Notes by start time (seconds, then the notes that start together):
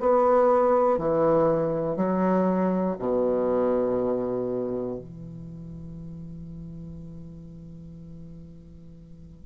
0.00 B3
0.99 E3
1.97 F#3
2.99 B2
4.99 E3